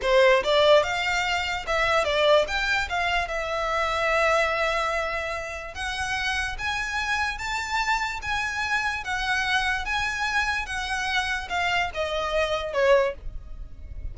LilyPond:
\new Staff \with { instrumentName = "violin" } { \time 4/4 \tempo 4 = 146 c''4 d''4 f''2 | e''4 d''4 g''4 f''4 | e''1~ | e''2 fis''2 |
gis''2 a''2 | gis''2 fis''2 | gis''2 fis''2 | f''4 dis''2 cis''4 | }